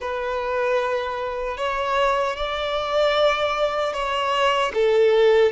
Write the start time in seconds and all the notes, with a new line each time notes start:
0.00 B4
1.57 C#5
2.36 D5
3.93 C#5
4.74 A4